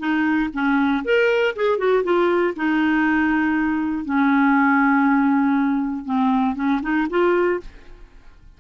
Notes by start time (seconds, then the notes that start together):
0.00 D#4
0.54 C#4
1.05 A#4
1.56 G#4
1.79 F#4
2.04 F4
2.57 D#4
4.05 C#4
6.06 C4
6.56 C#4
6.83 D#4
7.10 F4